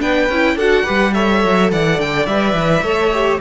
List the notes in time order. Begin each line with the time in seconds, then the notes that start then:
0.00 B3 D4 B4 G5
0.29 C#4 E4
0.55 D4 F#4 A4 F#5
0.84 G3 G4 B4
1.14 A4 C#5 E5
1.45 F#3
1.72 E3 D5 F#5
1.99 D3 G5
2.26 G3 B4 E5
2.54 E3
2.83 A3 A4 C#5
3.12 G4